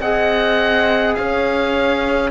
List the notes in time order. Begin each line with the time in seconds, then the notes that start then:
0.00 C4 G#4 D#5 F#5
1.14 C#4 C#5 F5